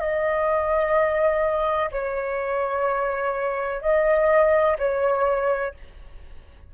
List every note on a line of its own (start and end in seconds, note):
0.00 1.90 D#5
1.92 3.82 C#5
3.82 4.77 D#5
4.79 5.74 C#5